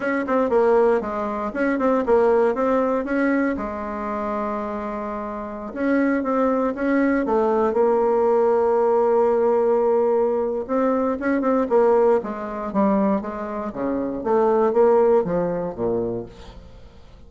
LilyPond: \new Staff \with { instrumentName = "bassoon" } { \time 4/4 \tempo 4 = 118 cis'8 c'8 ais4 gis4 cis'8 c'8 | ais4 c'4 cis'4 gis4~ | gis2.~ gis16 cis'8.~ | cis'16 c'4 cis'4 a4 ais8.~ |
ais1~ | ais4 c'4 cis'8 c'8 ais4 | gis4 g4 gis4 cis4 | a4 ais4 f4 ais,4 | }